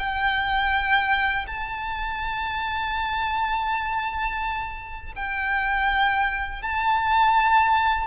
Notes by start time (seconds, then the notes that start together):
0.00 G5
1.47 A5
5.17 G5
6.63 A5